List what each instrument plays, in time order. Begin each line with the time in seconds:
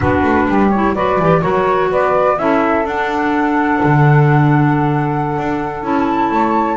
0.00 double bass B3, clarinet D4, saxophone F#4, flute B4
0.23 double bass A3
0.47 double bass G3, saxophone G4
0.70 clarinet E4, flute C#5
0.93 double bass F#3, clarinet F#4, saxophone B4, flute D5
1.18 double bass E3, clarinet G4
1.41 double bass F#3, clarinet F#4, saxophone A#4, flute C#5
1.90 double bass B3, saxophone B4, flute D5
2.37 double bass C#4, clarinet E4, saxophone A4, flute E5
2.84 double bass D4, clarinet D4, flute F#5
3.83 double bass D3
5.37 double bass D4
5.82 double bass C#4, clarinet E4, flute A5
6.30 double bass A3, saxophone C#5